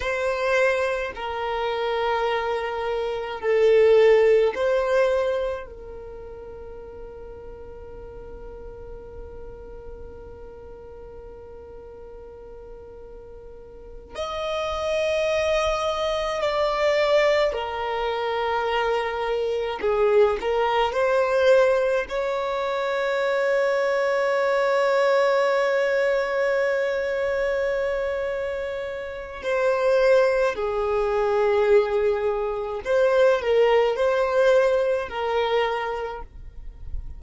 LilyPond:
\new Staff \with { instrumentName = "violin" } { \time 4/4 \tempo 4 = 53 c''4 ais'2 a'4 | c''4 ais'2.~ | ais'1~ | ais'8 dis''2 d''4 ais'8~ |
ais'4. gis'8 ais'8 c''4 cis''8~ | cis''1~ | cis''2 c''4 gis'4~ | gis'4 c''8 ais'8 c''4 ais'4 | }